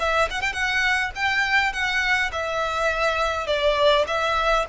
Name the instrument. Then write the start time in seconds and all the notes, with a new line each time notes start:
violin
0.00 E5
0.31 F#5
0.41 G5
0.53 F#5
1.15 G5
1.73 F#5
2.32 E5
3.47 D5
4.08 E5